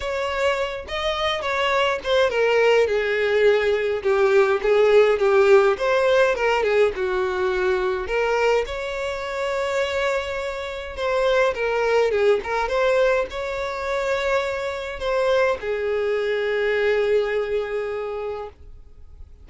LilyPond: \new Staff \with { instrumentName = "violin" } { \time 4/4 \tempo 4 = 104 cis''4. dis''4 cis''4 c''8 | ais'4 gis'2 g'4 | gis'4 g'4 c''4 ais'8 gis'8 | fis'2 ais'4 cis''4~ |
cis''2. c''4 | ais'4 gis'8 ais'8 c''4 cis''4~ | cis''2 c''4 gis'4~ | gis'1 | }